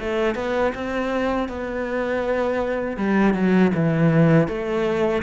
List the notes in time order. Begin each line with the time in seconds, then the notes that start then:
0.00 A3
0.35 B3
0.75 C4
1.49 B3
2.97 G3
3.34 F#3
3.75 E3
4.48 A3